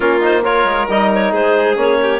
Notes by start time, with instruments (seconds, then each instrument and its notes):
0.00 bassoon A#3, trombone C#4, violin F4, clarinet A#4
0.20 trombone D#4, clarinet C5
0.44 trombone F4, violin A#4, clarinet C#5
0.64 bassoon G#3
0.88 bassoon G3, trombone D#4, clarinet D#5
1.14 clarinet C#5
1.31 bassoon G#3, violin G#4, clarinet C5
1.75 bassoon A#3, trombone C#4, clarinet C#5
2.01 violin G4